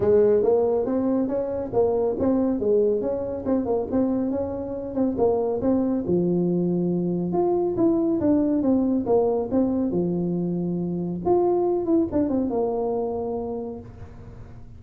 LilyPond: \new Staff \with { instrumentName = "tuba" } { \time 4/4 \tempo 4 = 139 gis4 ais4 c'4 cis'4 | ais4 c'4 gis4 cis'4 | c'8 ais8 c'4 cis'4. c'8 | ais4 c'4 f2~ |
f4 f'4 e'4 d'4 | c'4 ais4 c'4 f4~ | f2 f'4. e'8 | d'8 c'8 ais2. | }